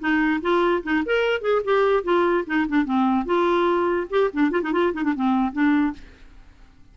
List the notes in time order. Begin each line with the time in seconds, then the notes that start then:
0.00 D#4
0.42 F4
0.83 D#4
1.06 A#4
1.42 G#4
1.65 G4
2.04 F4
2.47 D#4
2.69 D4
2.85 C4
3.26 F4
4.10 G4
4.34 D4
4.52 F4
4.63 D#4
4.73 F4
4.94 D#4
5.04 D4
5.16 C4
5.53 D4